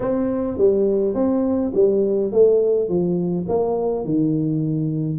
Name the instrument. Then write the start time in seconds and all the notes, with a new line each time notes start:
tuba
0.00 C4
0.57 G3
1.14 C4
1.74 G3
2.32 A3
2.88 F3
3.48 A#3
4.04 D#3